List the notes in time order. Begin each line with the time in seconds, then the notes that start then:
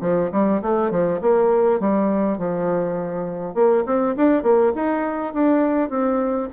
0.00 F3
0.32 G3
0.61 A3
0.90 F3
1.21 A#3
1.80 G3
2.38 F3
3.54 A#3
3.86 C4
4.16 D4
4.43 A#3
4.75 D#4
5.33 D4
5.89 C4